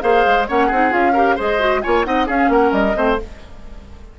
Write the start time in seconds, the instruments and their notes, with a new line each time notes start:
0.00 bassoon A#3, clarinet G#4, oboe C5, flute F5
0.26 bassoon G#3
0.48 bassoon A#3, clarinet C#4, oboe C#5, flute F#5
0.67 bassoon C4, clarinet D#4, oboe G#4
0.89 bassoon C#4, clarinet F4, flute F5
1.13 clarinet G4, oboe A#4
1.35 bassoon G#3, clarinet G#4, oboe C5, flute D#5
1.59 clarinet F#4
1.81 bassoon A#3, clarinet F4, oboe C#5, flute G#5
2.04 bassoon C4, clarinet D#4, oboe D#5, flute F#5
2.25 clarinet C#4, bassoon C#4, oboe G#4, flute F5
2.48 bassoon A#3, oboe A#4, flute F#5
2.72 bassoon G3, flute D#5
2.94 bassoon A3, clarinet C4, oboe C5